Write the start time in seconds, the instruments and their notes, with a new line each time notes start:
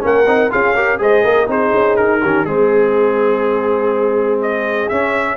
0.00 tuba A#3, trombone C#4, horn A#4, trumpet F#5
0.27 tuba C4, trombone D#4
0.50 tuba C#4, trombone F4, horn G#4, trumpet F5
0.75 trombone G4, horn A#4
0.98 tuba G#3, trombone G#4, horn C5, trumpet D#5
1.24 tuba A#3, horn A#4
1.46 tuba C4, trombone D#4, horn G#4, trumpet C5
1.74 tuba C#4
1.96 tuba D#4, trumpet A#4
2.21 tuba D#3, trombone C#4, horn G4
2.44 tuba G#3, trombone C4, trumpet G#4, horn G#4
4.42 trumpet D#5
4.88 trombone C#4, tuba C#4, trumpet E5